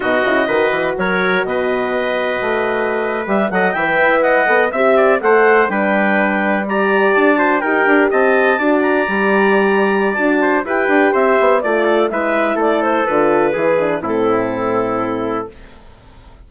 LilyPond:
<<
  \new Staff \with { instrumentName = "clarinet" } { \time 4/4 \tempo 4 = 124 dis''2 cis''4 dis''4~ | dis''2~ dis''8. e''8 fis''8 g''16~ | g''8. fis''4 e''4 fis''4 g''16~ | g''4.~ g''16 ais''4 a''4 g''16~ |
g''8. a''4. ais''4.~ ais''16~ | ais''4 a''4 g''4 e''4 | d''4 e''4 d''8 c''8 b'4~ | b'4 a'2. | }
  \new Staff \with { instrumentName = "trumpet" } { \time 4/4 fis'4 b'4 ais'4 b'4~ | b'2.~ b'16 dis''8 e''16~ | e''8. dis''4 e''8 d''8 c''4 b'16~ | b'4.~ b'16 d''4. c''8 ais'16~ |
ais'8. dis''4 d''2~ d''16~ | d''4. c''8 b'4 c''4 | d''8 a'8 b'4 a'2 | gis'4 e'2. | }
  \new Staff \with { instrumentName = "horn" } { \time 4/4 dis'8 e'8 fis'2.~ | fis'2~ fis'8. g'8 a'8 b'16~ | b'4~ b'16 a'8 g'4 a'4 d'16~ | d'4.~ d'16 g'4. fis'8 g'16~ |
g'4.~ g'16 fis'4 g'4~ g'16~ | g'4 fis'4 g'2 | f'4 e'2 f'4 | e'8 d'8 c'2. | }
  \new Staff \with { instrumentName = "bassoon" } { \time 4/4 b,8 cis8 dis8 e8 fis4 b,4~ | b,4 a4.~ a16 g8 fis8 e16~ | e16 e'4 b8 c'4 a4 g16~ | g2~ g8. d'4 dis'16~ |
dis'16 d'8 c'4 d'4 g4~ g16~ | g4 d'4 e'8 d'8 c'8 b8 | a4 gis4 a4 d4 | e4 a,2. | }
>>